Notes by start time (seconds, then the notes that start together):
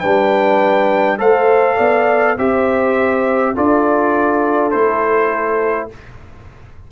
0.00 G3 D4 B4 G5
1.19 A3 A4 C5 F5
1.77 B3 D5
2.37 C4 G4 C5 E5
3.55 D4 F4 A4 D5
4.71 A3 E4 C5